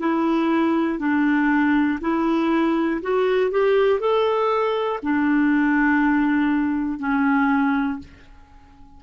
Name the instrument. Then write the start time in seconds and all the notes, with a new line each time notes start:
clarinet
0.00 E4
0.99 D4
2.01 E4
3.02 F#4
3.51 G4
4.00 A4
5.03 D4
6.99 C#4